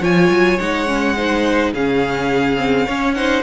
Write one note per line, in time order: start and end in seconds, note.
0.00 0.29 F3
0.00 0.58 F4
0.00 1.15 C#5
0.00 0.59 G#5
0.30 0.58 F#3
0.59 1.73 G#3
0.59 0.87 D#4
0.59 1.73 F#5
0.87 1.15 C#4
1.16 1.74 D#4
1.16 1.73 C5
1.73 2.87 C#3
1.73 2.57 C#4
1.73 2.86 G#4
1.73 3.14 F5
2.57 2.86 C4
2.86 3.43 C#4
2.86 3.16 C#4
2.86 3.14 C#5
3.14 3.43 D#4
3.14 3.43 C5
3.14 3.42 F#5